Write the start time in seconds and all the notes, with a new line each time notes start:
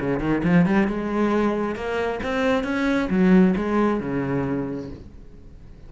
0.00 C#3
0.20 D#3
0.44 F3
0.66 G3
0.87 G#3
1.75 A#3
2.23 C4
2.64 C#4
3.10 F#3
3.56 G#3
4.00 C#3